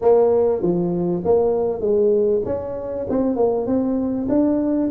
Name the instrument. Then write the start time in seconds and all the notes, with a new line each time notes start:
tuba
0.01 A#3
0.62 F3
1.24 A#3
1.80 G#3
2.45 C#4
3.09 C4
3.35 A#3
3.66 C4
4.29 D4